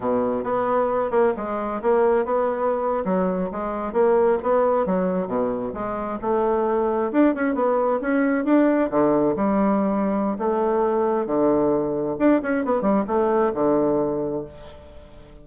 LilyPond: \new Staff \with { instrumentName = "bassoon" } { \time 4/4 \tempo 4 = 133 b,4 b4. ais8 gis4 | ais4 b4.~ b16 fis4 gis16~ | gis8. ais4 b4 fis4 b,16~ | b,8. gis4 a2 d'16~ |
d'16 cis'8 b4 cis'4 d'4 d16~ | d8. g2~ g16 a4~ | a4 d2 d'8 cis'8 | b8 g8 a4 d2 | }